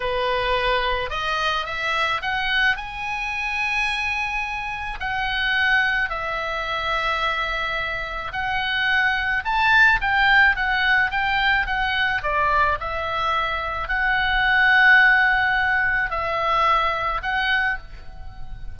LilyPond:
\new Staff \with { instrumentName = "oboe" } { \time 4/4 \tempo 4 = 108 b'2 dis''4 e''4 | fis''4 gis''2.~ | gis''4 fis''2 e''4~ | e''2. fis''4~ |
fis''4 a''4 g''4 fis''4 | g''4 fis''4 d''4 e''4~ | e''4 fis''2.~ | fis''4 e''2 fis''4 | }